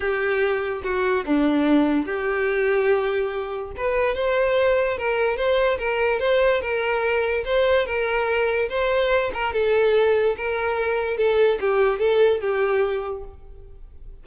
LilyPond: \new Staff \with { instrumentName = "violin" } { \time 4/4 \tempo 4 = 145 g'2 fis'4 d'4~ | d'4 g'2.~ | g'4 b'4 c''2 | ais'4 c''4 ais'4 c''4 |
ais'2 c''4 ais'4~ | ais'4 c''4. ais'8 a'4~ | a'4 ais'2 a'4 | g'4 a'4 g'2 | }